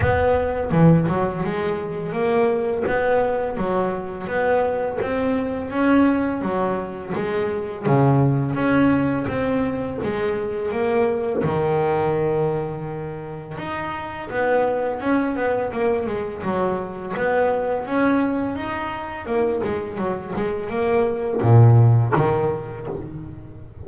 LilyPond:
\new Staff \with { instrumentName = "double bass" } { \time 4/4 \tempo 4 = 84 b4 e8 fis8 gis4 ais4 | b4 fis4 b4 c'4 | cis'4 fis4 gis4 cis4 | cis'4 c'4 gis4 ais4 |
dis2. dis'4 | b4 cis'8 b8 ais8 gis8 fis4 | b4 cis'4 dis'4 ais8 gis8 | fis8 gis8 ais4 ais,4 dis4 | }